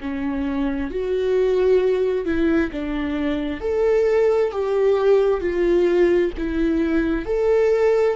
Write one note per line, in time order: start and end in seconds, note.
0.00 0.90 C#4
0.90 2.25 F#4
2.25 2.70 E4
2.71 3.60 D4
3.60 4.51 A4
4.51 5.40 G4
5.40 6.31 F4
6.37 7.25 E4
7.25 8.16 A4